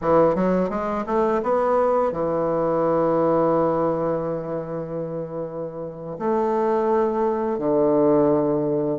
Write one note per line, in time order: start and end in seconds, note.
0.01 0.35 E3
0.35 0.69 F#3
0.69 1.04 G#3
1.06 1.41 A3
1.42 2.11 B3
2.11 6.17 E3
6.19 7.58 A3
7.58 8.99 D3